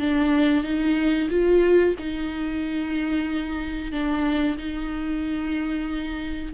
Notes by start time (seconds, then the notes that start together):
0.00 D4
0.64 D#4
1.30 F4
1.99 D#4
3.92 D4
4.58 D#4